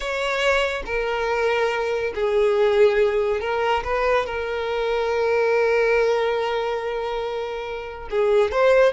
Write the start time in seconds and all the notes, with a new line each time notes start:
0.00 C#5
0.85 A#4
2.15 G#4
3.40 A#4
3.84 B4
4.26 A#4
8.10 G#4
8.51 C5